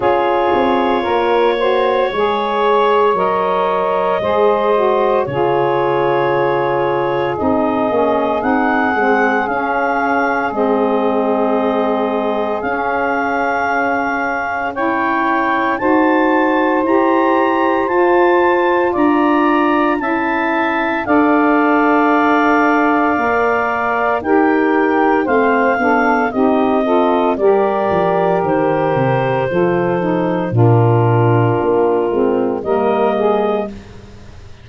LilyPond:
<<
  \new Staff \with { instrumentName = "clarinet" } { \time 4/4 \tempo 4 = 57 cis''2. dis''4~ | dis''4 cis''2 dis''4 | fis''4 f''4 dis''2 | f''2 g''4 a''4 |
ais''4 a''4 ais''4 a''4 | f''2. g''4 | f''4 dis''4 d''4 c''4~ | c''4 ais'2 dis''4 | }
  \new Staff \with { instrumentName = "saxophone" } { \time 4/4 gis'4 ais'8 c''8 cis''2 | c''4 gis'2.~ | gis'1~ | gis'2 cis''4 c''4~ |
c''2 d''4 e''4 | d''2. ais'4 | c''8 a'8 g'8 a'8 ais'2 | a'4 f'2 ais'8 gis'8 | }
  \new Staff \with { instrumentName = "saxophone" } { \time 4/4 f'4. fis'8 gis'4 ais'4 | gis'8 fis'8 f'2 dis'8 cis'8 | dis'8 c'8 cis'4 c'2 | cis'2 e'4 fis'4 |
g'4 f'2 e'4 | a'2 ais'4 g'4 | c'8 d'8 dis'8 f'8 g'2 | f'8 dis'8 d'4. c'8 ais4 | }
  \new Staff \with { instrumentName = "tuba" } { \time 4/4 cis'8 c'8 ais4 gis4 fis4 | gis4 cis2 c'8 ais8 | c'8 gis8 cis'4 gis2 | cis'2. dis'4 |
e'4 f'4 d'4 cis'4 | d'2 ais4 dis'4 | a8 b8 c'4 g8 f8 dis8 c8 | f4 ais,4 ais8 gis8 g4 | }
>>